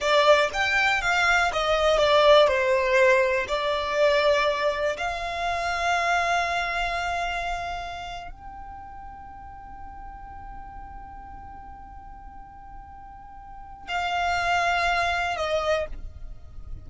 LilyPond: \new Staff \with { instrumentName = "violin" } { \time 4/4 \tempo 4 = 121 d''4 g''4 f''4 dis''4 | d''4 c''2 d''4~ | d''2 f''2~ | f''1~ |
f''8. g''2.~ g''16~ | g''1~ | g''1 | f''2. dis''4 | }